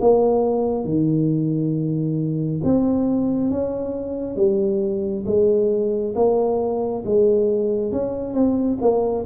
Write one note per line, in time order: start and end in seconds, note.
0.00 0.84 A#3
0.84 2.61 D#3
2.64 3.50 C4
3.50 4.36 C#4
4.36 5.24 G3
5.26 6.14 G#3
6.15 7.03 A#3
7.05 7.92 G#3
7.92 8.34 C#4
8.34 8.78 C4
8.81 9.25 A#3